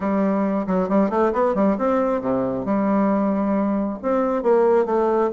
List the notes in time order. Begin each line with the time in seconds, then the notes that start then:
0.00 G3
0.66 F#3
0.88 G3
1.10 A3
1.32 B3
1.55 G3
1.78 C4
2.21 C3
2.65 G3
4.02 C4
4.42 A#3
4.85 A3